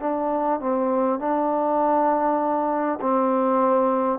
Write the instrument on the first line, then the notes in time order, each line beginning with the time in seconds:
trombone
0.00 D4
0.60 C4
1.19 D4
3.00 C4